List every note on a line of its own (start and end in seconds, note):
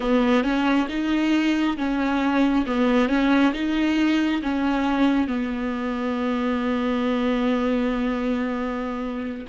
0.00 0.43 B3
0.43 0.87 C#4
0.88 1.76 D#4
1.77 2.65 C#4
2.66 3.08 B3
3.08 3.53 C#4
3.53 4.41 D#4
4.42 5.27 C#4
5.27 9.46 B3